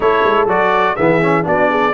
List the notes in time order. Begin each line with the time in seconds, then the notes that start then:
0.00 A3 E4 A4 C#5
0.24 G#3
0.46 F#3 F#4 D5
0.95 E3 B3 G#4 E5
1.21 C#4
1.43 B3 D4 F#4 D5
1.69 G#4